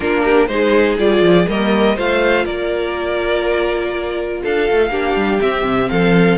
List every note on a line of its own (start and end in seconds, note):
0.00 0.48 A#3
0.00 0.49 D4
0.00 0.23 F4
0.00 0.47 A#4
0.23 0.48 G4
0.47 0.97 G#3
0.47 0.98 D#4
0.47 1.50 G#4
0.47 0.96 C5
0.98 1.21 G3
0.98 1.47 F4
0.98 1.48 D5
1.21 1.46 F3
1.47 1.98 G3
1.47 1.96 A#3
1.47 1.96 A#4
1.47 1.98 D#5
1.96 2.45 A3
1.96 4.90 F4
1.96 2.44 C5
1.96 2.45 F5
2.44 4.42 A#3
2.44 4.41 A#4
2.44 4.42 D5
4.43 4.69 D4
4.43 4.91 A4
4.43 5.40 F5
4.70 4.90 A3
4.90 5.14 A#3
4.90 5.40 D4
4.90 5.89 G4
5.15 5.39 G3
5.40 6.38 C4
5.40 5.64 C4
5.40 5.89 E5
5.64 5.88 C3
5.89 6.38 F3
5.89 6.38 A4
5.89 6.38 F5